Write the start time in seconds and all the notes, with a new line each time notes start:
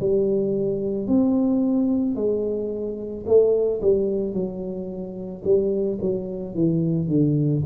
0.00 G3
1.07 C4
2.15 G#3
3.26 A3
3.81 G3
4.33 F#3
5.44 G3
6.00 F#3
6.55 E3
7.08 D3